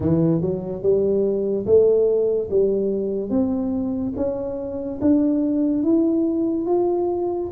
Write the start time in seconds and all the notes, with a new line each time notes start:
0.00 E3
0.41 F#3
0.82 G3
1.66 A3
2.50 G3
3.30 C4
4.16 C#4
5.01 D4
5.83 E4
6.66 F4